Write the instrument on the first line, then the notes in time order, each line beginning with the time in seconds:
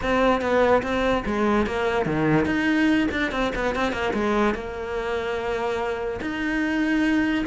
cello
0.02 C4
0.41 B3
0.82 C4
1.25 G#3
1.66 A#3
2.05 D#3
2.45 D#4
3.11 D4
3.31 C4
3.55 B3
3.75 C4
3.92 A#3
4.13 G#3
4.54 A#3
6.21 D#4